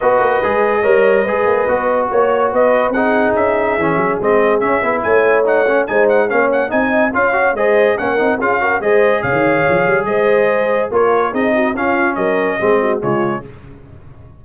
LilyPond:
<<
  \new Staff \with { instrumentName = "trumpet" } { \time 4/4 \tempo 4 = 143 dis''1~ | dis''4 cis''4 dis''4 fis''4 | e''2 dis''4 e''4 | gis''4 fis''4 gis''8 fis''8 f''8 fis''8 |
gis''4 f''4 dis''4 fis''4 | f''4 dis''4 f''2 | dis''2 cis''4 dis''4 | f''4 dis''2 cis''4 | }
  \new Staff \with { instrumentName = "horn" } { \time 4/4 b'2 cis''4 b'4~ | b'4 cis''4 b'4 gis'4~ | gis'1 | cis''2 c''4 cis''4 |
dis''4 cis''4 c''4 ais'4 | gis'8 ais'8 c''4 cis''2 | c''2 ais'4 gis'8 fis'8 | f'4 ais'4 gis'8 fis'8 f'4 | }
  \new Staff \with { instrumentName = "trombone" } { \time 4/4 fis'4 gis'4 ais'4 gis'4 | fis'2. dis'4~ | dis'4 cis'4 c'4 cis'8 e'8~ | e'4 dis'8 cis'8 dis'4 cis'4 |
dis'4 f'8 fis'8 gis'4 cis'8 dis'8 | f'8 fis'8 gis'2.~ | gis'2 f'4 dis'4 | cis'2 c'4 gis4 | }
  \new Staff \with { instrumentName = "tuba" } { \time 4/4 b8 ais8 gis4 g4 gis8 ais8 | b4 ais4 b4 c'4 | cis'4 e8 fis8 gis4 cis'8 b8 | a2 gis4 ais4 |
c'4 cis'4 gis4 ais8 c'8 | cis'4 gis4 cis16 dis8. f8 g8 | gis2 ais4 c'4 | cis'4 fis4 gis4 cis4 | }
>>